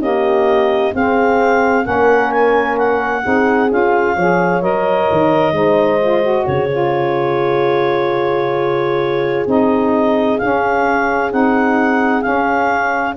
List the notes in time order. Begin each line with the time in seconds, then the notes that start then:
0.00 A#3 C#4 G4 D#5
0.94 C4 G#4 F5
1.83 A#3 C#4 A#4 F#5
2.31 G#5
2.78 F#5
3.22 C4 D#4 G#4
3.69 C#4 F4 F5
4.16 F3 G#4 C#5
4.61 F#3 A#4 D#5
5.11 D#3
5.52 G#3 D#4 C5
6.01 F4
6.22 F#4
6.46 C#3 G#4 C#5
6.71 F4
9.46 C4 D#4 D#5
10.38 C#4 F5
11.31 C4 D#4 F#5
12.22 C#4 F5